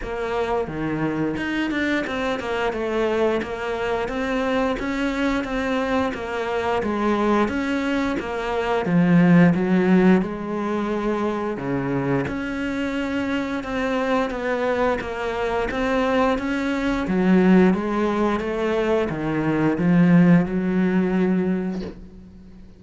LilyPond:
\new Staff \with { instrumentName = "cello" } { \time 4/4 \tempo 4 = 88 ais4 dis4 dis'8 d'8 c'8 ais8 | a4 ais4 c'4 cis'4 | c'4 ais4 gis4 cis'4 | ais4 f4 fis4 gis4~ |
gis4 cis4 cis'2 | c'4 b4 ais4 c'4 | cis'4 fis4 gis4 a4 | dis4 f4 fis2 | }